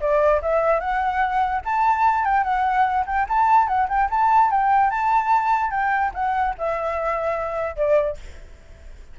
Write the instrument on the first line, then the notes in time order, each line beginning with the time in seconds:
flute
0.00 D5
0.42 E5
0.80 F#5
1.64 A5
2.24 G5
2.43 F#5
3.06 G5
3.29 A5
3.67 F#5
3.89 G5
4.10 A5
4.50 G5
4.90 A5
5.70 G5
6.14 F#5
6.58 E5
7.76 D5